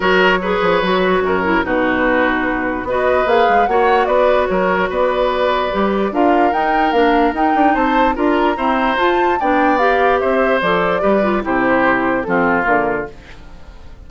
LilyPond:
<<
  \new Staff \with { instrumentName = "flute" } { \time 4/4 \tempo 4 = 147 cis''1 | b'2. dis''4 | f''4 fis''4 d''4 cis''4 | d''2. f''4 |
g''4 f''4 g''4 a''4 | ais''2 a''4 g''4 | f''4 e''4 d''2 | c''2 a'4 ais'4 | }
  \new Staff \with { instrumentName = "oboe" } { \time 4/4 ais'4 b'2 ais'4 | fis'2. b'4~ | b'4 cis''4 b'4 ais'4 | b'2. ais'4~ |
ais'2. c''4 | ais'4 c''2 d''4~ | d''4 c''2 b'4 | g'2 f'2 | }
  \new Staff \with { instrumentName = "clarinet" } { \time 4/4 fis'4 gis'4 fis'4. e'8 | dis'2. fis'4 | gis'4 fis'2.~ | fis'2 g'4 f'4 |
dis'4 d'4 dis'2 | f'4 c'4 f'4 d'4 | g'2 a'4 g'8 f'8 | e'2 c'4 ais4 | }
  \new Staff \with { instrumentName = "bassoon" } { \time 4/4 fis4. f8 fis4 fis,4 | b,2. b4 | ais8 gis8 ais4 b4 fis4 | b2 g4 d'4 |
dis'4 ais4 dis'8 d'8 c'4 | d'4 e'4 f'4 b4~ | b4 c'4 f4 g4 | c2 f4 d4 | }
>>